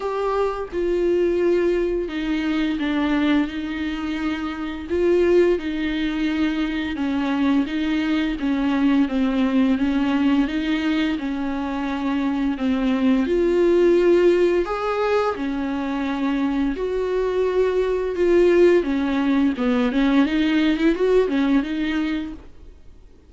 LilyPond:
\new Staff \with { instrumentName = "viola" } { \time 4/4 \tempo 4 = 86 g'4 f'2 dis'4 | d'4 dis'2 f'4 | dis'2 cis'4 dis'4 | cis'4 c'4 cis'4 dis'4 |
cis'2 c'4 f'4~ | f'4 gis'4 cis'2 | fis'2 f'4 cis'4 | b8 cis'8 dis'8. e'16 fis'8 cis'8 dis'4 | }